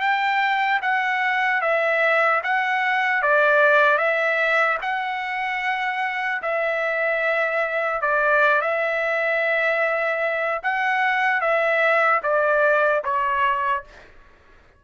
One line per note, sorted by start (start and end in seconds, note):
0.00 0.80 G5
0.82 1.61 F#5
1.61 2.41 E5
2.44 3.22 F#5
3.22 3.98 D5
3.98 4.78 E5
4.82 6.42 F#5
6.42 8.01 E5
8.01 8.61 D5
8.61 10.61 E5
10.63 11.41 F#5
11.41 12.21 E5
12.23 13.03 D5
13.04 13.84 C#5